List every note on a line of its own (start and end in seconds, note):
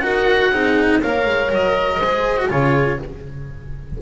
0.00 0.52 D#4
0.00 0.52 F#4
0.00 0.52 A#4
0.00 0.99 F#5
0.52 1.02 C4
0.52 1.02 D#4
0.52 1.01 G#4
1.01 1.26 A#3
1.01 2.02 A#4
1.01 1.99 C#5
1.01 1.52 F5
1.26 1.51 G#3
1.51 1.99 F#3
1.51 2.50 D#5
1.99 2.48 G#3
1.99 2.38 G#4
1.99 2.48 C5
2.38 2.49 F#4
2.49 3.00 C#3
2.49 2.99 F4
2.49 3.02 G#4
2.49 2.99 C#5